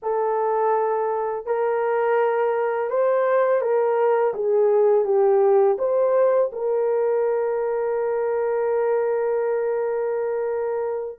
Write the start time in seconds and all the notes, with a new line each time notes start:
0.02 A4
1.46 A#4
2.90 C5
3.61 A#4
4.34 G#4
5.04 G4
5.78 C5
6.52 A#4